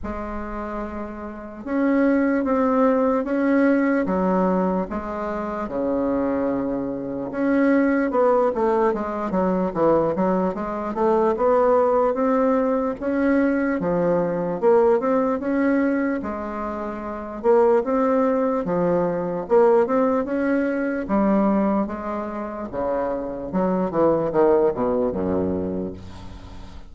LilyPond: \new Staff \with { instrumentName = "bassoon" } { \time 4/4 \tempo 4 = 74 gis2 cis'4 c'4 | cis'4 fis4 gis4 cis4~ | cis4 cis'4 b8 a8 gis8 fis8 | e8 fis8 gis8 a8 b4 c'4 |
cis'4 f4 ais8 c'8 cis'4 | gis4. ais8 c'4 f4 | ais8 c'8 cis'4 g4 gis4 | cis4 fis8 e8 dis8 b,8 fis,4 | }